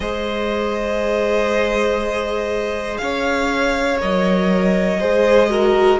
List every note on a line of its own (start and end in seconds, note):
0.00 2.97 G#3
0.00 3.99 G#4
0.00 3.00 C5
0.00 2.97 D#5
2.97 4.01 C#4
2.97 5.00 C#5
2.97 3.97 F5
3.99 5.01 F#3
3.99 4.99 A#4
3.99 5.99 D#5
5.00 5.99 G#3
5.00 5.50 G#4
5.00 5.50 C5
5.50 5.99 F#4
5.50 5.99 A#4